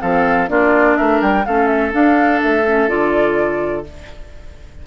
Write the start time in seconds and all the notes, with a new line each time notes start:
0.00 F3 C4 A4 F5
0.48 A#3 D4 F4 D5
0.97 A3 A#4 E5
1.22 G3 G5
1.46 A3 C#4 A4 F5
1.68 E5
1.92 D4 F5
2.42 A3 E5
2.67 C#4
2.88 D3 F4 D5